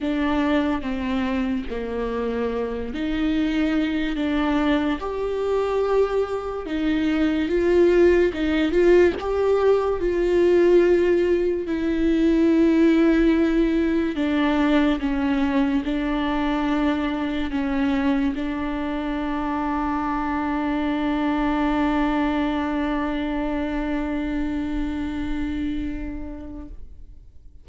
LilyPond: \new Staff \with { instrumentName = "viola" } { \time 4/4 \tempo 4 = 72 d'4 c'4 ais4. dis'8~ | dis'4 d'4 g'2 | dis'4 f'4 dis'8 f'8 g'4 | f'2 e'2~ |
e'4 d'4 cis'4 d'4~ | d'4 cis'4 d'2~ | d'1~ | d'1 | }